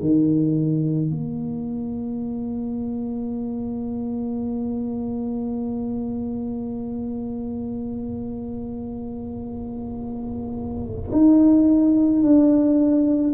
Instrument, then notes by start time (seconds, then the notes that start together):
tuba
0.00 D#3
1.10 A#3
11.12 D#4
12.22 D4